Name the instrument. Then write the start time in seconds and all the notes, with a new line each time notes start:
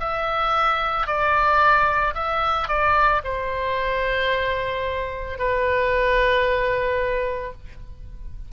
oboe
0.00 E5
1.07 D5
2.15 E5
2.68 D5
3.24 C5
5.38 B4